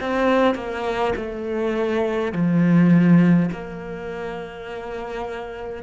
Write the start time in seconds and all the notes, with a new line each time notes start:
0.00 C4
0.55 A#3
1.16 A3
2.32 F3
3.51 A#3